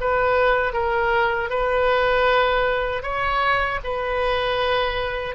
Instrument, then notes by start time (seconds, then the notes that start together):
oboe
0.00 B4
0.73 A#4
1.49 B4
3.02 C#5
3.83 B4